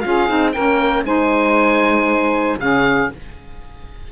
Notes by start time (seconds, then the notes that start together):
0.00 C#4 F4 G#4 F5
0.28 C4 D#4
0.52 A#3 C#4 A#4 G5
1.04 G#3 D#4 C5 G#5
2.58 C#3 C#4 G#4 F5